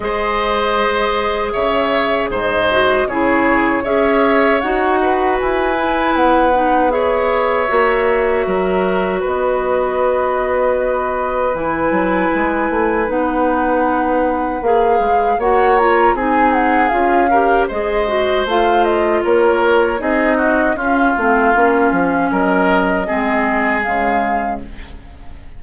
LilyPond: <<
  \new Staff \with { instrumentName = "flute" } { \time 4/4 \tempo 4 = 78 dis''2 e''4 dis''4 | cis''4 e''4 fis''4 gis''4 | fis''4 e''2. | dis''2. gis''4~ |
gis''4 fis''2 f''4 | fis''8 ais''8 gis''8 fis''8 f''4 dis''4 | f''8 dis''8 cis''4 dis''4 f''4~ | f''4 dis''2 f''4 | }
  \new Staff \with { instrumentName = "oboe" } { \time 4/4 c''2 cis''4 c''4 | gis'4 cis''4. b'4.~ | b'4 cis''2 ais'4 | b'1~ |
b'1 | cis''4 gis'4. ais'8 c''4~ | c''4 ais'4 gis'8 fis'8 f'4~ | f'4 ais'4 gis'2 | }
  \new Staff \with { instrumentName = "clarinet" } { \time 4/4 gis'2.~ gis'8 fis'8 | e'4 gis'4 fis'4. e'8~ | e'8 dis'8 gis'4 fis'2~ | fis'2. e'4~ |
e'4 dis'2 gis'4 | fis'8 f'8 dis'4 f'8 g'8 gis'8 fis'8 | f'2 dis'4 cis'8 c'8 | cis'2 c'4 gis4 | }
  \new Staff \with { instrumentName = "bassoon" } { \time 4/4 gis2 cis4 gis,4 | cis4 cis'4 dis'4 e'4 | b2 ais4 fis4 | b2. e8 fis8 |
gis8 a8 b2 ais8 gis8 | ais4 c'4 cis'4 gis4 | a4 ais4 c'4 cis'8 a8 | ais8 f8 fis4 gis4 cis4 | }
>>